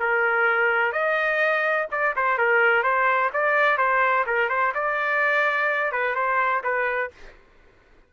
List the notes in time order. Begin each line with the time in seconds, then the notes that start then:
0.00 A#4
0.93 D#5
1.92 D5
2.16 C5
2.39 A#4
2.83 C5
3.33 D5
3.78 C5
4.27 A#4
4.49 C5
4.75 D5
5.92 B4
6.16 C5
6.64 B4